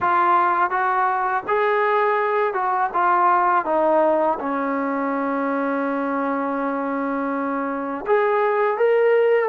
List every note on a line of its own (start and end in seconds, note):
0.00 0.70 F4
0.70 1.43 F#4
1.47 2.53 G#4
2.53 2.90 F#4
2.93 3.65 F4
3.65 4.38 D#4
4.39 8.05 C#4
8.06 8.77 G#4
8.77 9.49 A#4